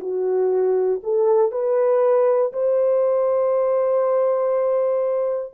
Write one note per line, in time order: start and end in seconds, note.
0.00 1.01 F#4
1.03 1.51 A4
1.51 2.52 B4
2.53 5.54 C5